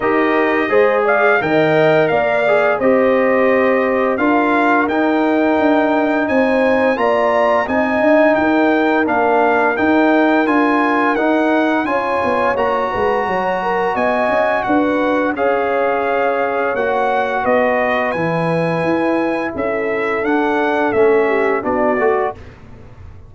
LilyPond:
<<
  \new Staff \with { instrumentName = "trumpet" } { \time 4/4 \tempo 4 = 86 dis''4. f''8 g''4 f''4 | dis''2 f''4 g''4~ | g''4 gis''4 ais''4 gis''4 | g''4 f''4 g''4 gis''4 |
fis''4 gis''4 ais''2 | gis''4 fis''4 f''2 | fis''4 dis''4 gis''2 | e''4 fis''4 e''4 d''4 | }
  \new Staff \with { instrumentName = "horn" } { \time 4/4 ais'4 c''8 d''8 dis''4 d''4 | c''2 ais'2~ | ais'4 c''4 d''4 dis''4 | ais'1~ |
ais'4 cis''4. b'8 cis''8 ais'8 | dis''4 b'4 cis''2~ | cis''4 b'2. | a'2~ a'8 g'8 fis'4 | }
  \new Staff \with { instrumentName = "trombone" } { \time 4/4 g'4 gis'4 ais'4. gis'8 | g'2 f'4 dis'4~ | dis'2 f'4 dis'4~ | dis'4 d'4 dis'4 f'4 |
dis'4 f'4 fis'2~ | fis'2 gis'2 | fis'2 e'2~ | e'4 d'4 cis'4 d'8 fis'8 | }
  \new Staff \with { instrumentName = "tuba" } { \time 4/4 dis'4 gis4 dis4 ais4 | c'2 d'4 dis'4 | d'4 c'4 ais4 c'8 d'8 | dis'4 ais4 dis'4 d'4 |
dis'4 cis'8 b8 ais8 gis8 fis4 | b8 cis'8 d'4 cis'2 | ais4 b4 e4 e'4 | cis'4 d'4 a4 b8 a8 | }
>>